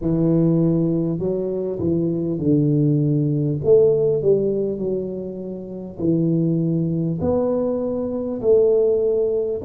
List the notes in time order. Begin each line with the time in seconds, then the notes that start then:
0.01 E3
1.18 F#3
1.79 E3
2.38 D3
3.63 A3
4.22 G3
4.78 F#3
5.99 E3
7.21 B3
8.41 A3